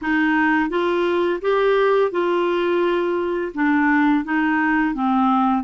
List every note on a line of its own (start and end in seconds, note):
0.01 0.69 D#4
0.69 1.40 F4
1.41 2.11 G4
2.11 3.52 F4
3.54 4.24 D4
4.24 4.94 D#4
4.94 5.63 C4